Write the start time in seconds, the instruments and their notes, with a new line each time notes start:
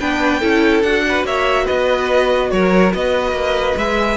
0.00 cello B3, viola D4, violin B4 G5
0.40 cello C#4, viola E4, violin A4
0.82 cello D4, viola F#4, violin F#5
1.08 violin B4
1.24 cello A#3, violin C#5 E5
1.65 cello B3, violin B4 D#5
2.51 cello F#3, violin A#4 C#5
2.94 cello B3, violin B4 D#5
3.33 cello A#3
3.77 cello G#3, viola G#4, violin E5